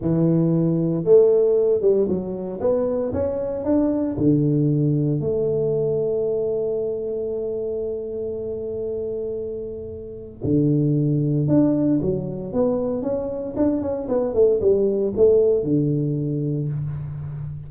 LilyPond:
\new Staff \with { instrumentName = "tuba" } { \time 4/4 \tempo 4 = 115 e2 a4. g8 | fis4 b4 cis'4 d'4 | d2 a2~ | a1~ |
a1 | d2 d'4 fis4 | b4 cis'4 d'8 cis'8 b8 a8 | g4 a4 d2 | }